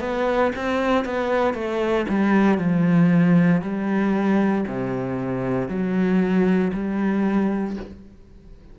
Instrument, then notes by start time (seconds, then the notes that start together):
cello
0.00 B3
0.55 C4
1.05 B3
1.54 A3
2.09 G3
2.58 F3
3.62 G3
4.67 C3
5.68 F#3
6.73 G3